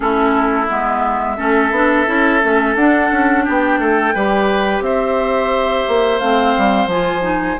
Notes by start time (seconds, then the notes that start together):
0.00 A3 C#4 E4 A4
0.68 G#3 B3 E5
1.37 A3 C#4 A4
1.71 B3 D4
2.06 C#4 E4
2.42 A3 C#4
2.75 D4 F#5
3.11 C#4
3.44 B3 G4 G5
3.79 A3 A4
4.14 G3 G4 B4
4.80 C4 C5 E5
5.88 A#3
6.18 A3 C4 F5
6.57 G3
6.86 F3 F4 G#5
7.21 D#4